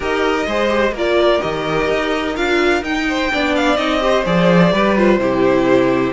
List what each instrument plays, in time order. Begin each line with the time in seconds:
0.00 cello D#4, viola G4, violin A#4 D#5
0.46 cello G#3, viola G#4, violin C5
0.69 viola G4
0.91 cello A#3, viola F4, violin A#4
0.98 violin D5
1.41 cello D#3, viola G4, violin D#5
1.89 cello D#4
2.36 cello D4, viola F4, violin F5
2.82 cello D#4, viola D#4, violin G5
3.08 violin C5
3.32 cello B3, viola D4, violin D5
3.55 violin F5
3.76 cello C4, viola D#4, violin D#5
4.00 viola G4, violin C5
4.25 cello F3, viola G#4, violin D5
4.72 cello G3, viola G4, violin B4
4.96 viola F4, violin C5
5.18 cello C3, viola E4, violin G4